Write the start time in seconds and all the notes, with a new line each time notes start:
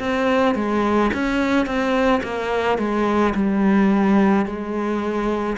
0.00 C4
0.55 G#3
1.14 C#4
1.66 C4
2.23 A#3
2.78 G#3
3.35 G3
4.46 G#3